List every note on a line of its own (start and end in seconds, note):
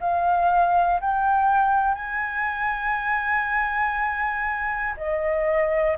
0.00 1.00 F5
1.00 1.95 G5
1.95 4.95 G#5
4.97 5.97 D#5